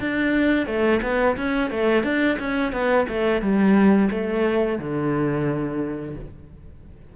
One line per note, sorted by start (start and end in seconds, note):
0.00 0.66 D4
0.66 1.00 A3
1.02 1.36 B3
1.37 1.70 C#4
1.70 2.03 A3
2.03 2.37 D4
2.39 2.72 C#4
2.72 3.06 B3
3.08 3.41 A3
3.41 4.09 G3
4.10 4.79 A3
4.79 6.15 D3